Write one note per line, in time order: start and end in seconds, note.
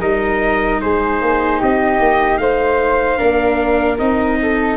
0.00 0.82 G3
0.00 3.18 D#4
0.00 0.81 A#4
0.00 0.81 D#5
0.82 1.22 G#3
0.82 1.60 G#4
0.82 1.62 C5
1.22 1.62 A#3
1.60 2.00 C4
1.60 2.40 G4
1.60 2.38 D#5
2.00 2.39 A#3
2.38 3.19 A3
2.38 3.19 C5
2.38 3.98 F5
3.18 4.00 A#3
3.18 3.98 D4
3.18 4.39 A#4
3.99 4.77 C4
3.99 4.77 D#4
3.99 4.77 D#5
4.42 4.77 A4